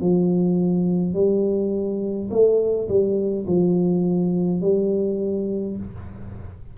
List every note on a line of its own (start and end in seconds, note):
0.00 1.13 F3
1.13 2.29 G3
2.30 2.88 A3
2.88 3.46 G3
3.47 4.61 F3
4.61 5.76 G3